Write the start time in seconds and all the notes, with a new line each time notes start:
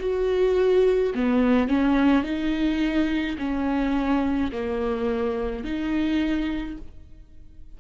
0.00 F#4
1.15 B3
1.68 C#4
2.24 D#4
3.39 C#4
4.52 A#3
5.64 D#4